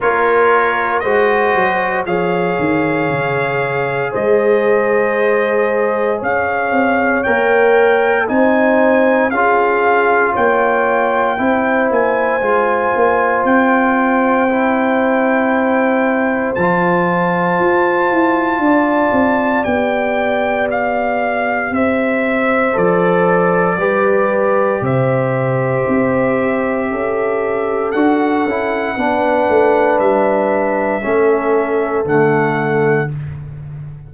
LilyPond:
<<
  \new Staff \with { instrumentName = "trumpet" } { \time 4/4 \tempo 4 = 58 cis''4 dis''4 f''2 | dis''2 f''4 g''4 | gis''4 f''4 g''4. gis''8~ | gis''4 g''2. |
a''2. g''4 | f''4 e''4 d''2 | e''2. fis''4~ | fis''4 e''2 fis''4 | }
  \new Staff \with { instrumentName = "horn" } { \time 4/4 ais'4 c''4 cis''2 | c''2 cis''2 | c''4 gis'4 cis''4 c''4~ | c''1~ |
c''2 d''2~ | d''4 c''2 b'4 | c''2 a'2 | b'2 a'2 | }
  \new Staff \with { instrumentName = "trombone" } { \time 4/4 f'4 fis'4 gis'2~ | gis'2. ais'4 | dis'4 f'2 e'4 | f'2 e'2 |
f'2. g'4~ | g'2 a'4 g'4~ | g'2. fis'8 e'8 | d'2 cis'4 a4 | }
  \new Staff \with { instrumentName = "tuba" } { \time 4/4 ais4 gis8 fis8 f8 dis8 cis4 | gis2 cis'8 c'8 ais4 | c'4 cis'4 ais4 c'8 ais8 | gis8 ais8 c'2. |
f4 f'8 e'8 d'8 c'8 b4~ | b4 c'4 f4 g4 | c4 c'4 cis'4 d'8 cis'8 | b8 a8 g4 a4 d4 | }
>>